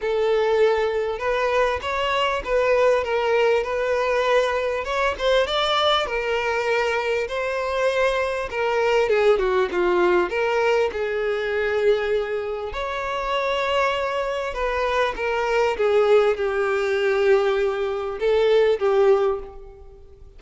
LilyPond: \new Staff \with { instrumentName = "violin" } { \time 4/4 \tempo 4 = 99 a'2 b'4 cis''4 | b'4 ais'4 b'2 | cis''8 c''8 d''4 ais'2 | c''2 ais'4 gis'8 fis'8 |
f'4 ais'4 gis'2~ | gis'4 cis''2. | b'4 ais'4 gis'4 g'4~ | g'2 a'4 g'4 | }